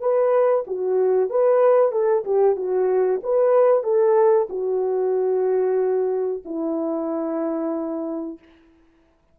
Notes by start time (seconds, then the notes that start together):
0.00 B4
0.67 F#4
1.30 B4
1.92 A4
2.25 G4
2.56 F#4
3.23 B4
3.83 A4
4.49 F#4
6.45 E4